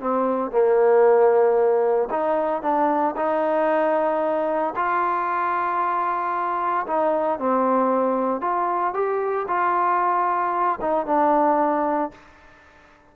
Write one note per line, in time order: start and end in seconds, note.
0.00 0.51 C4
0.51 2.09 A#3
2.10 2.62 D#4
2.62 3.15 D4
3.16 4.74 D#4
4.76 6.86 F4
6.87 7.39 D#4
7.39 8.41 C4
8.41 8.94 F4
8.94 9.46 G4
9.48 10.79 F4
10.81 11.06 D#4
11.06 12.11 D4